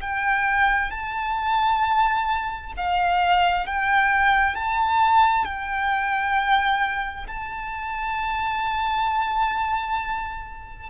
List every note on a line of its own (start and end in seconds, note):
0.00 0.90 G5
0.90 2.72 A5
2.76 3.66 F5
3.66 4.55 G5
4.55 5.45 A5
5.45 7.26 G5
7.27 10.89 A5